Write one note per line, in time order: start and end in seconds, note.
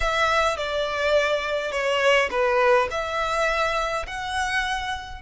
0.00 0.57 E5
0.57 1.71 D5
1.71 2.29 C#5
2.31 2.88 B4
2.90 4.06 E5
4.06 5.21 F#5